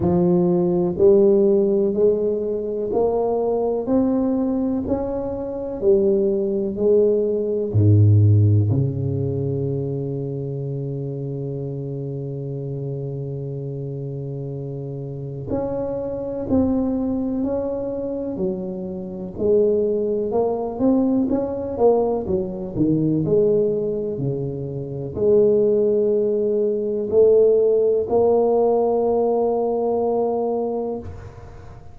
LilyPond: \new Staff \with { instrumentName = "tuba" } { \time 4/4 \tempo 4 = 62 f4 g4 gis4 ais4 | c'4 cis'4 g4 gis4 | gis,4 cis2.~ | cis1 |
cis'4 c'4 cis'4 fis4 | gis4 ais8 c'8 cis'8 ais8 fis8 dis8 | gis4 cis4 gis2 | a4 ais2. | }